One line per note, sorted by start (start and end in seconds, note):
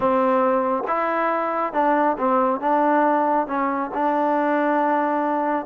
0.00 0.83 C4
0.87 1.73 E4
1.73 2.16 D4
2.18 2.60 C4
2.60 3.47 D4
3.47 3.90 C#4
3.93 5.66 D4